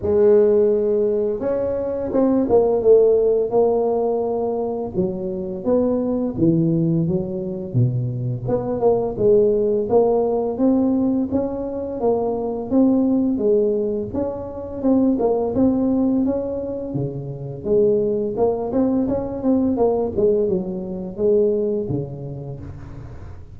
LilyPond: \new Staff \with { instrumentName = "tuba" } { \time 4/4 \tempo 4 = 85 gis2 cis'4 c'8 ais8 | a4 ais2 fis4 | b4 e4 fis4 b,4 | b8 ais8 gis4 ais4 c'4 |
cis'4 ais4 c'4 gis4 | cis'4 c'8 ais8 c'4 cis'4 | cis4 gis4 ais8 c'8 cis'8 c'8 | ais8 gis8 fis4 gis4 cis4 | }